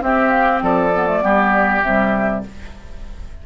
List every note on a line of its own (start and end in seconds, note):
0.00 0.91 C4
0.00 0.61 C4
0.00 0.63 G4
0.00 0.30 E5
0.30 0.60 F5
0.62 1.22 F3
0.62 1.23 A4
0.62 1.82 D5
0.94 1.07 B3
1.07 1.21 A3
1.21 1.82 G3
1.21 1.81 B3
1.21 2.44 G4
1.82 2.42 C3
1.82 2.46 G3
1.82 2.43 E5